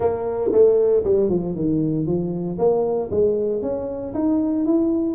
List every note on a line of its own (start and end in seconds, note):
0.00 0.51 A#3
0.51 1.03 A3
1.04 1.29 G3
1.29 1.55 F3
1.55 2.06 D#3
2.06 2.57 F3
2.58 3.10 A#3
3.10 3.62 G#3
3.62 4.13 C#4
4.14 4.65 D#4
4.65 5.15 E4